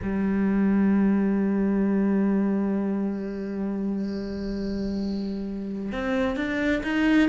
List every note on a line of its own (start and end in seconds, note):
0.02 5.92 G3
5.92 6.36 C4
6.36 6.82 D4
6.83 7.28 D#4